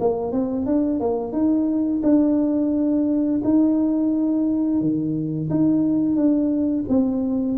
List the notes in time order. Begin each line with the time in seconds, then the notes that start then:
0.00 A#3
0.32 C4
0.66 D4
1.00 A#3
1.33 D#4
2.03 D4
3.44 D#4
4.81 D#3
5.50 D#4
6.16 D4
6.89 C4